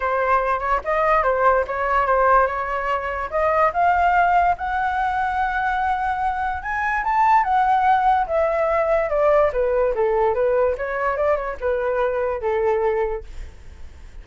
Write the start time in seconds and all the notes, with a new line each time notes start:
0.00 C5
0.59 C#5
0.84 D#5
1.23 C5
1.67 C#5
2.06 C5
2.46 C#5
3.30 D#5
3.73 F5
4.57 F#5
6.62 G#5
7.04 A5
7.43 F#5
8.26 E5
9.09 D5
9.52 B4
9.94 A4
10.34 B4
10.77 C#5
11.16 D5
11.36 C#5
11.60 B4
12.41 A4